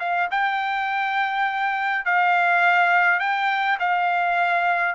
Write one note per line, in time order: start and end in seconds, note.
0.00 0.29 F5
0.31 2.05 G5
2.05 3.20 F5
3.20 3.78 G5
3.80 4.95 F5